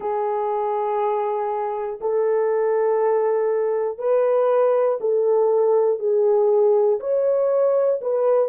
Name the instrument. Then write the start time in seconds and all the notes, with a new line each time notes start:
horn
0.00 G#4
2.00 A4
3.98 B4
5.00 A4
5.99 G#4
7.00 C#5
8.01 B4